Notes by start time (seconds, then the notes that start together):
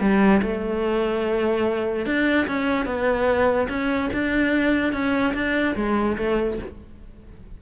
0.00 G3
0.42 A3
2.05 D4
2.47 C#4
2.85 B3
3.69 C#4
4.13 D4
4.92 C#4
5.34 D4
5.75 G#3
6.17 A3